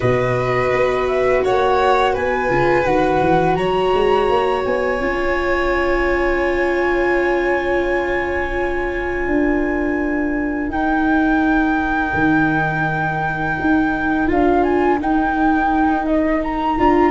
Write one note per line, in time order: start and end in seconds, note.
0.00 0.72 B2
0.00 2.48 F#4
0.00 1.43 B4
0.00 1.07 D#5
0.72 1.43 B3
1.07 1.43 E5
1.44 2.15 A#3
1.44 2.13 C#5
1.44 2.15 F#5
2.13 2.49 B3
2.13 3.56 B4
2.13 2.85 G#5
2.48 2.85 C#3
2.48 2.84 F4
2.85 3.21 D#3
2.85 4.99 F#4
2.85 3.55 F#5
3.21 3.56 E3
3.55 3.91 F#3
3.55 9.28 C#5
3.55 4.62 A#5
3.93 4.29 G#3
4.29 4.65 A#3
4.65 4.99 B3
4.65 10.71 G#5
4.99 9.26 C#4
4.99 10.70 F4
9.26 10.68 D4
9.26 17.11 A#4
10.68 12.11 D#4
10.68 14.27 D#4
10.68 14.28 G5
12.13 13.56 D#3
13.60 14.32 D#4
14.27 14.99 D4
14.27 14.98 F4
14.27 14.63 F5
14.63 14.98 G#5
14.99 16.78 D#4
14.99 16.06 G5
16.06 16.42 D#5
16.43 17.11 A#5
16.78 17.11 D4
16.78 17.11 F4